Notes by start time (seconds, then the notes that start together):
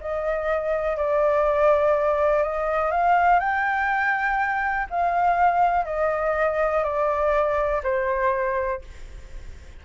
0.00 D#5
0.97 D5
2.43 D#5
2.91 F5
3.39 G5
4.90 F5
5.85 D#5
6.83 D5
7.83 C5